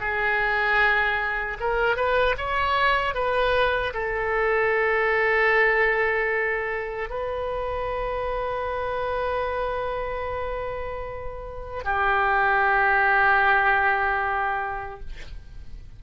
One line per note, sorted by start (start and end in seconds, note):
0.00 1.58 G#4
1.60 1.96 A#4
1.96 2.36 B4
2.38 3.14 C#5
3.14 3.93 B4
3.94 7.09 A4
7.09 11.83 B4
11.84 15.00 G4